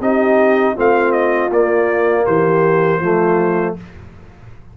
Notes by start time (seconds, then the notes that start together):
0.00 C4 D#4 G4 D#5
0.75 A3 C4 F4 F5
1.12 D#5
1.50 A#3 D5
2.25 E3 G4 C5
3.00 F3 A3 F4